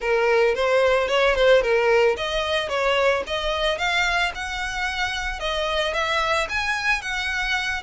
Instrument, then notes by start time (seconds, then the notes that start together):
violin
0.00 A#4
0.54 C5
1.08 C#5
1.35 C5
1.62 A#4
2.16 D#5
2.69 C#5
3.26 D#5
3.78 F5
4.34 F#5
5.39 D#5
5.93 E5
6.49 G#5
7.01 F#5